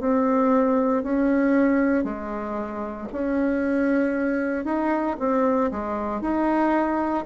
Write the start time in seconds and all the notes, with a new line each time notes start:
0.00 C4
1.03 C#4
2.04 G#3
3.12 C#4
4.65 D#4
5.19 C4
5.71 G#3
6.21 D#4